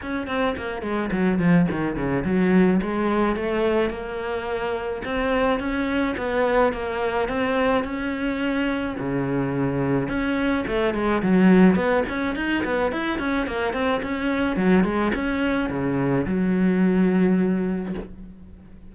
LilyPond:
\new Staff \with { instrumentName = "cello" } { \time 4/4 \tempo 4 = 107 cis'8 c'8 ais8 gis8 fis8 f8 dis8 cis8 | fis4 gis4 a4 ais4~ | ais4 c'4 cis'4 b4 | ais4 c'4 cis'2 |
cis2 cis'4 a8 gis8 | fis4 b8 cis'8 dis'8 b8 e'8 cis'8 | ais8 c'8 cis'4 fis8 gis8 cis'4 | cis4 fis2. | }